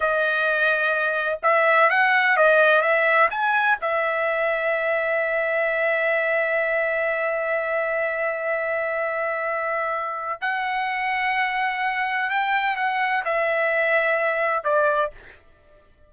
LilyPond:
\new Staff \with { instrumentName = "trumpet" } { \time 4/4 \tempo 4 = 127 dis''2. e''4 | fis''4 dis''4 e''4 gis''4 | e''1~ | e''1~ |
e''1~ | e''2 fis''2~ | fis''2 g''4 fis''4 | e''2. d''4 | }